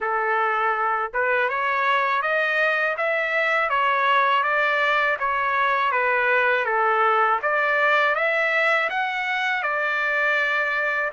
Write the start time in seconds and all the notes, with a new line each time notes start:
0.00 A4
1.13 B4
1.49 C#5
2.22 D#5
2.97 E5
3.69 C#5
4.43 D5
5.19 C#5
5.91 B4
6.65 A4
7.42 D5
8.15 E5
8.89 F#5
9.62 D5